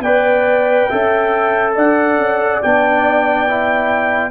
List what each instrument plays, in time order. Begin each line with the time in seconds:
0.00 tuba B3, trombone B4, horn D5, trumpet G5
0.90 tuba C#4, trombone A4, horn E5
1.75 tuba D4, horn D5, trumpet F#5
2.18 tuba C#4
2.62 tuba B3, trombone D4, trumpet G5
3.47 trombone E4